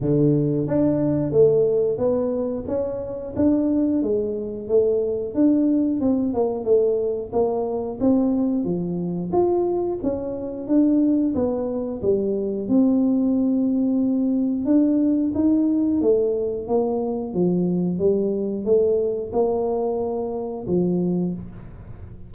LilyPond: \new Staff \with { instrumentName = "tuba" } { \time 4/4 \tempo 4 = 90 d4 d'4 a4 b4 | cis'4 d'4 gis4 a4 | d'4 c'8 ais8 a4 ais4 | c'4 f4 f'4 cis'4 |
d'4 b4 g4 c'4~ | c'2 d'4 dis'4 | a4 ais4 f4 g4 | a4 ais2 f4 | }